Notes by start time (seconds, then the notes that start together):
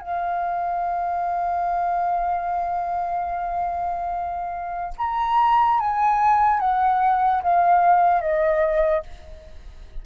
0.00 F5
4.97 A#5
5.79 G#5
6.59 F#5
7.42 F5
8.21 D#5